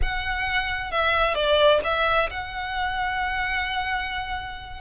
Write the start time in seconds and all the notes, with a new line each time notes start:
0.01 F#5
0.91 E5
1.34 D5
1.83 E5
2.30 F#5